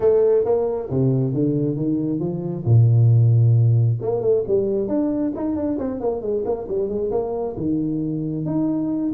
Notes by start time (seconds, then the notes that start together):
0.00 A3
0.44 A#3
0.90 C3
1.33 D3
1.76 D#3
2.19 F3
2.65 A#2
4.01 A#3
4.21 A3
4.47 G3
4.87 D4
5.35 D#4
5.56 D4
5.78 C4
6.00 A#3
6.21 G#3
6.45 A#3
6.68 G3
6.88 G#3
7.11 A#3
7.57 D#3
8.45 D#4